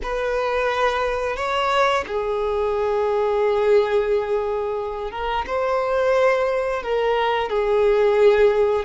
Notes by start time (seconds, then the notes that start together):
0.02 B4
1.36 C#5
2.07 G#4
5.11 A#4
5.46 C5
6.82 A#4
7.49 G#4